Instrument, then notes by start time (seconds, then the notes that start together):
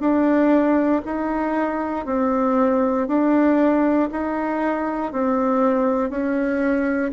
bassoon
0.00 D4
1.05 D#4
2.06 C4
3.08 D4
4.12 D#4
5.13 C4
6.10 C#4